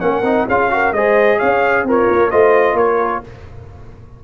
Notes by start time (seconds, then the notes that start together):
0.00 A#3 C#4 A#4 F#5
0.23 C4 D#4
0.47 C#4 F4 G#4 F5
0.71 F#4 A#4
0.93 G#3 G#4 C5 D#5
1.38 C#4 C#5 F5
1.84 C4 F4 A#4
1.90 C#5
2.10 A#3
2.31 A3 F4 C5 D#5
2.74 A#3 A#4 C#5